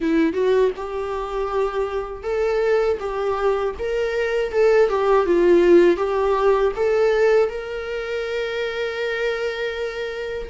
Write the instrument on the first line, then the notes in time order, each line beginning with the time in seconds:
viola
0.00 E4
0.33 F#4
0.76 G4
2.23 A4
2.99 G4
3.78 A#4
4.52 A4
4.89 G4
5.25 F4
5.97 G4
6.75 A4
7.49 A#4